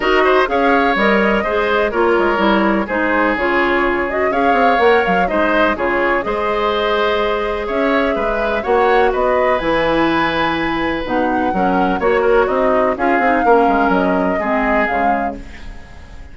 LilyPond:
<<
  \new Staff \with { instrumentName = "flute" } { \time 4/4 \tempo 4 = 125 dis''4 f''4 dis''2 | cis''2 c''4 cis''4~ | cis''8 dis''8 f''4 fis''8 f''8 dis''4 | cis''4 dis''2. |
e''2 fis''4 dis''4 | gis''2. fis''4~ | fis''4 cis''4 dis''4 f''4~ | f''4 dis''2 f''4 | }
  \new Staff \with { instrumentName = "oboe" } { \time 4/4 ais'8 c''8 cis''2 c''4 | ais'2 gis'2~ | gis'4 cis''2 c''4 | gis'4 c''2. |
cis''4 b'4 cis''4 b'4~ | b'1 | ais'4 cis''8 ais'8 dis'4 gis'4 | ais'2 gis'2 | }
  \new Staff \with { instrumentName = "clarinet" } { \time 4/4 fis'4 gis'4 ais'4 gis'4 | f'4 e'4 dis'4 f'4~ | f'8 fis'8 gis'4 ais'4 dis'4 | f'4 gis'2.~ |
gis'2 fis'2 | e'2. dis'4 | cis'4 fis'2 f'8 dis'8 | cis'2 c'4 gis4 | }
  \new Staff \with { instrumentName = "bassoon" } { \time 4/4 dis'4 cis'4 g4 gis4 | ais8 gis8 g4 gis4 cis4~ | cis4 cis'8 c'8 ais8 fis8 gis4 | cis4 gis2. |
cis'4 gis4 ais4 b4 | e2. b,4 | fis4 ais4 c'4 cis'8 c'8 | ais8 gis8 fis4 gis4 cis4 | }
>>